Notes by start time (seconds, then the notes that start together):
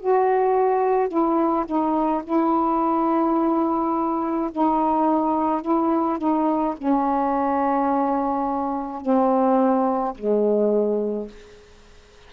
0.00 F#4
1.09 E4
1.66 D#4
2.24 E4
4.51 D#4
5.61 E4
6.18 D#4
6.77 C#4
9.01 C4
10.15 G#3